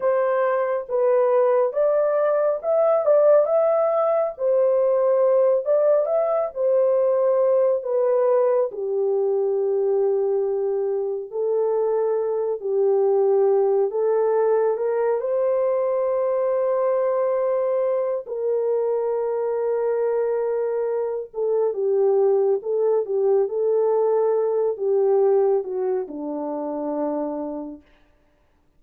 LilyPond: \new Staff \with { instrumentName = "horn" } { \time 4/4 \tempo 4 = 69 c''4 b'4 d''4 e''8 d''8 | e''4 c''4. d''8 e''8 c''8~ | c''4 b'4 g'2~ | g'4 a'4. g'4. |
a'4 ais'8 c''2~ c''8~ | c''4 ais'2.~ | ais'8 a'8 g'4 a'8 g'8 a'4~ | a'8 g'4 fis'8 d'2 | }